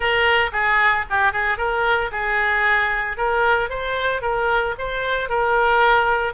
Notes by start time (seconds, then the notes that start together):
0.00 A#4
0.52 G#4
1.09 G4
1.32 G#4
1.57 A#4
2.11 G#4
3.17 A#4
3.69 C5
4.21 A#4
4.78 C5
5.29 A#4